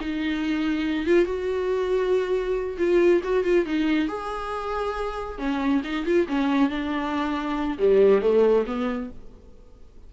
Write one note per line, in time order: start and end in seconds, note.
0.00 1.06 D#4
1.06 1.25 F4
1.25 2.77 F#4
2.78 3.21 F4
3.23 3.44 F#4
3.44 3.65 F4
3.65 4.08 D#4
4.08 5.38 G#4
5.38 5.81 C#4
5.84 6.05 D#4
6.05 6.27 F4
6.28 6.69 C#4
6.69 7.78 D4
7.78 8.21 G3
8.21 8.65 A3
8.66 9.09 B3